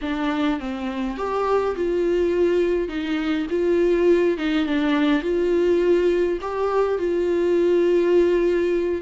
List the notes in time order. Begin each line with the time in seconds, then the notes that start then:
0.01 D4
0.59 C4
1.17 G4
1.75 F4
2.88 D#4
3.50 F4
4.37 D#4
4.66 D4
5.22 F4
6.41 G4
6.98 F4